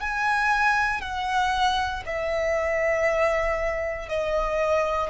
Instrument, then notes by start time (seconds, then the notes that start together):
violin
0.00 G#5
1.01 F#5
2.06 E5
4.09 D#5